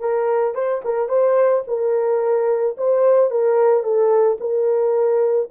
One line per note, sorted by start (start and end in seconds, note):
0.00 0.55 A#4
0.55 0.82 C5
0.85 1.09 A#4
1.09 1.64 C5
1.68 2.77 A#4
2.77 3.31 C5
3.31 3.84 A#4
3.84 4.38 A4
4.41 5.50 A#4